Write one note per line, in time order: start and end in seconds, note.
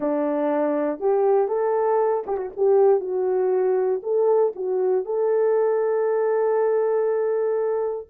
0.00 0.99 D4
0.99 1.48 G4
1.48 2.23 A4
2.27 2.37 G4
2.37 2.50 F#4
2.56 3.00 G4
3.00 4.01 F#4
4.02 4.53 A4
4.55 5.05 F#4
5.05 8.07 A4